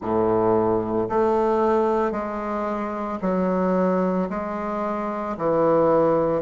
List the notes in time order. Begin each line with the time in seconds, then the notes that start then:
0.01 A2
1.09 A3
2.11 G#3
3.21 F#3
4.29 G#3
5.37 E3